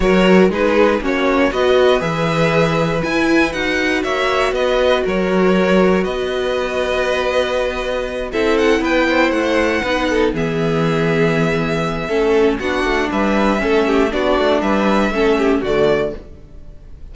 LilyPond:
<<
  \new Staff \with { instrumentName = "violin" } { \time 4/4 \tempo 4 = 119 cis''4 b'4 cis''4 dis''4 | e''2 gis''4 fis''4 | e''4 dis''4 cis''2 | dis''1~ |
dis''8 e''8 fis''8 g''4 fis''4.~ | fis''8 e''2.~ e''8~ | e''4 fis''4 e''2 | d''4 e''2 d''4 | }
  \new Staff \with { instrumentName = "violin" } { \time 4/4 ais'4 gis'4 fis'4 b'4~ | b'1 | cis''4 b'4 ais'2 | b'1~ |
b'8 a'4 b'8 c''4. b'8 | a'8 gis'2.~ gis'8 | a'4 fis'4 b'4 a'8 g'8 | fis'4 b'4 a'8 g'8 fis'4 | }
  \new Staff \with { instrumentName = "viola" } { \time 4/4 fis'4 dis'4 cis'4 fis'4 | gis'2 e'4 fis'4~ | fis'1~ | fis'1~ |
fis'8 e'2. dis'8~ | dis'8 b2.~ b8 | cis'4 d'2 cis'4 | d'2 cis'4 a4 | }
  \new Staff \with { instrumentName = "cello" } { \time 4/4 fis4 gis4 ais4 b4 | e2 e'4 dis'4 | ais4 b4 fis2 | b1~ |
b8 c'4 b4 a4 b8~ | b8 e2.~ e8 | a4 b8 a8 g4 a4 | b8 a8 g4 a4 d4 | }
>>